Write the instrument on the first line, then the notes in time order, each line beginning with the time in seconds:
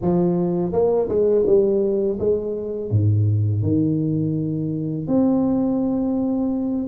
tuba
0.01 F3
0.72 A#3
1.08 G#3
1.46 G3
2.19 G#3
2.90 G#2
3.62 D#3
5.07 C4